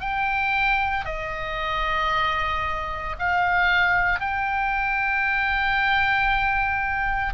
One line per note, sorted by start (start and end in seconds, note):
0.00 1.05 G5
1.05 3.16 D#5
3.19 4.20 F5
4.20 7.33 G5